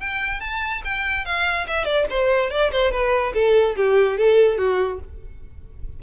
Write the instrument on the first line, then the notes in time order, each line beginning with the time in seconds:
violin
0.00 G5
0.40 A5
0.84 G5
1.25 F5
1.67 E5
1.85 D5
2.10 C5
2.50 D5
2.72 C5
2.91 B4
3.34 A4
3.76 G4
4.17 A4
4.58 F#4